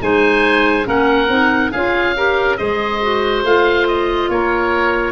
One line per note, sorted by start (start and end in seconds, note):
0.00 0.86 G#3
0.00 0.84 D#4
0.00 0.86 C5
0.00 0.87 G#5
0.84 1.28 A#3
0.84 1.26 C#4
0.84 1.71 A#4
0.84 1.71 F#5
1.28 1.71 C4
1.28 1.72 D#4
1.71 2.59 C#4
1.71 2.16 F4
1.71 2.14 G#4
1.71 2.56 F5
2.16 2.57 G4
2.16 2.58 A#4
2.56 3.43 G#3
2.56 3.00 G#4
2.56 4.29 C5
2.56 3.42 D#5
3.02 3.45 F#4
3.43 4.29 A3
3.43 5.12 F4
3.43 3.87 F5
3.87 4.30 D#5
4.29 5.12 A#3
4.29 5.12 A#4
4.29 5.12 C#5